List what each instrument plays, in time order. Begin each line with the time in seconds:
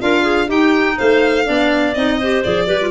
0.00 tuba D4, clarinet F4 A#4, violin F5
0.23 clarinet G#4
0.47 tuba D#4, clarinet D#4 G4, violin G5
0.98 tuba A3, clarinet C5, violin F5
1.45 tuba B3, clarinet D4 D5
1.94 tuba C4, clarinet D#4, violin D#5
2.18 clarinet G4 C5
2.44 tuba F3, clarinet G#4, violin D5
2.67 tuba G3, clarinet G4 B4
2.81 clarinet F4